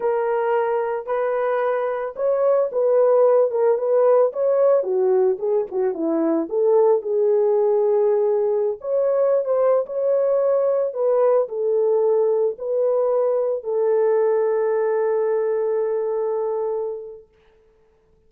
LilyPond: \new Staff \with { instrumentName = "horn" } { \time 4/4 \tempo 4 = 111 ais'2 b'2 | cis''4 b'4. ais'8 b'4 | cis''4 fis'4 gis'8 fis'8 e'4 | a'4 gis'2.~ |
gis'16 cis''4~ cis''16 c''8. cis''4.~ cis''16~ | cis''16 b'4 a'2 b'8.~ | b'4~ b'16 a'2~ a'8.~ | a'1 | }